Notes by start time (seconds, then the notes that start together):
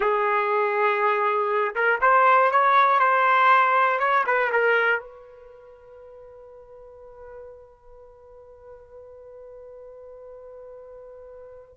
0.00 G#4
1.75 A#4
2.01 C5
2.51 C#5
2.99 C5
3.99 C#5
4.26 B4
4.51 A#4
4.99 B4